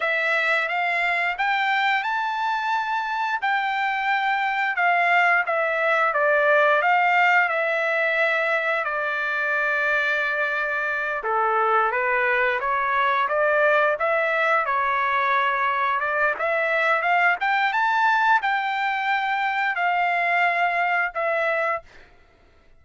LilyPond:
\new Staff \with { instrumentName = "trumpet" } { \time 4/4 \tempo 4 = 88 e''4 f''4 g''4 a''4~ | a''4 g''2 f''4 | e''4 d''4 f''4 e''4~ | e''4 d''2.~ |
d''8 a'4 b'4 cis''4 d''8~ | d''8 e''4 cis''2 d''8 | e''4 f''8 g''8 a''4 g''4~ | g''4 f''2 e''4 | }